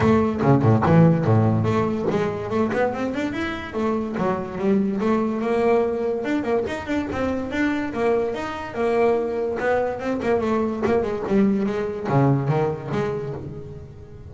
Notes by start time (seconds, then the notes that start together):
0.00 A3
0.42 C#3
0.62 A2
0.85 E3
1.24 A2
1.64 A3
2.10 G#3
2.49 A3
2.73 B3
2.93 C4
3.14 D4
3.32 E4
3.73 A3
4.17 F#3
4.58 G3
5.00 A3
5.41 A#3
6.24 D4
6.43 A#3
6.67 D#4
6.87 D4
7.11 C4
7.51 D4
7.93 A#3
8.34 D#4
8.74 A#3
9.59 B3
9.99 C4
10.22 A#3
10.41 A3
10.85 A#3
11.02 G#3
11.27 G3
11.66 G#3
12.08 C#3
12.48 D#3
12.92 G#3